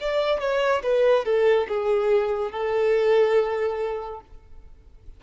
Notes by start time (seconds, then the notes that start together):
0.00 D5
0.40 C#5
0.83 B4
1.25 A4
1.68 G#4
2.51 A4